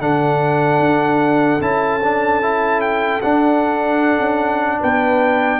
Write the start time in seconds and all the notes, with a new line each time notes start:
0.00 D3 D4 A4 F#5
0.79 D4
1.60 C#4 E4 A5
2.03 D4
2.42 E4
2.81 G5
3.22 D4 F#5
4.19 C#4
4.79 B3 B4 G5